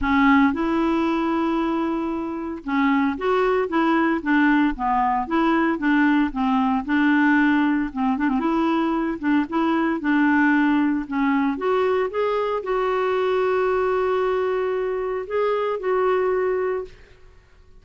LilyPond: \new Staff \with { instrumentName = "clarinet" } { \time 4/4 \tempo 4 = 114 cis'4 e'2.~ | e'4 cis'4 fis'4 e'4 | d'4 b4 e'4 d'4 | c'4 d'2 c'8 d'16 c'16 |
e'4. d'8 e'4 d'4~ | d'4 cis'4 fis'4 gis'4 | fis'1~ | fis'4 gis'4 fis'2 | }